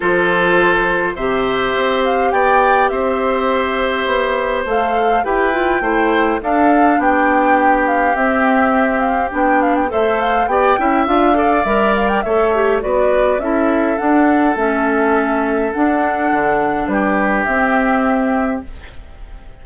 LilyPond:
<<
  \new Staff \with { instrumentName = "flute" } { \time 4/4 \tempo 4 = 103 c''2 e''4. f''8 | g''4 e''2. | f''4 g''2 f''4 | g''4. f''8 e''4. f''8 |
g''8 f''16 g''16 e''8 f''8 g''4 f''4 | e''8 f''16 g''16 e''4 d''4 e''4 | fis''4 e''2 fis''4~ | fis''4 b'4 e''2 | }
  \new Staff \with { instrumentName = "oboe" } { \time 4/4 a'2 c''2 | d''4 c''2.~ | c''4 b'4 c''4 a'4 | g'1~ |
g'4 c''4 d''8 e''4 d''8~ | d''4 cis''4 b'4 a'4~ | a'1~ | a'4 g'2. | }
  \new Staff \with { instrumentName = "clarinet" } { \time 4/4 f'2 g'2~ | g'1 | a'4 g'8 f'8 e'4 d'4~ | d'2 c'2 |
d'4 a'4 g'8 e'8 f'8 a'8 | ais'4 a'8 g'8 fis'4 e'4 | d'4 cis'2 d'4~ | d'2 c'2 | }
  \new Staff \with { instrumentName = "bassoon" } { \time 4/4 f2 c4 c'4 | b4 c'2 b4 | a4 e'4 a4 d'4 | b2 c'2 |
b4 a4 b8 cis'8 d'4 | g4 a4 b4 cis'4 | d'4 a2 d'4 | d4 g4 c'2 | }
>>